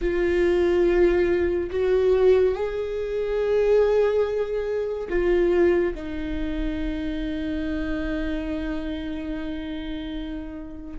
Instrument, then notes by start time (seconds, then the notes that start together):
viola
0.01 F4
1.70 F#4
2.54 G#4
5.09 F4
5.94 D#4